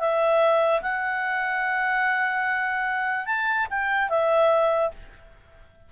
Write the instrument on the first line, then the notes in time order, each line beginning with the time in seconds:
clarinet
0.00 E5
0.82 F#5
3.26 A5
3.71 G5
4.10 E5